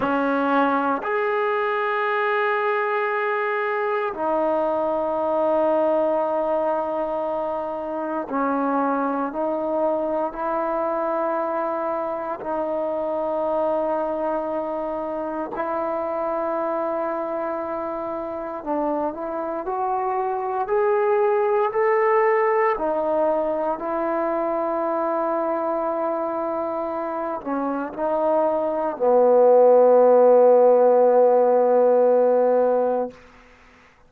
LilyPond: \new Staff \with { instrumentName = "trombone" } { \time 4/4 \tempo 4 = 58 cis'4 gis'2. | dis'1 | cis'4 dis'4 e'2 | dis'2. e'4~ |
e'2 d'8 e'8 fis'4 | gis'4 a'4 dis'4 e'4~ | e'2~ e'8 cis'8 dis'4 | b1 | }